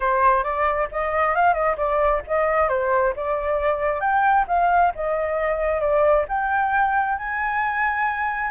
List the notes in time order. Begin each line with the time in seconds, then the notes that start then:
0.00 C5
0.43 D5
0.91 D#5
1.35 F5
1.53 D#5
1.77 D5
2.27 D#5
2.69 C5
3.16 D5
4.00 G5
4.47 F5
4.95 D#5
5.80 D5
6.28 G5
7.18 G#5